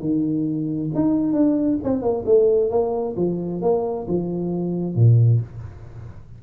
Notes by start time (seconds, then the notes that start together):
0.00 D#3
0.95 D#4
1.32 D4
1.83 C4
2.02 A#3
2.25 A3
2.70 A#3
3.16 F3
3.61 A#3
4.08 F3
4.95 A#2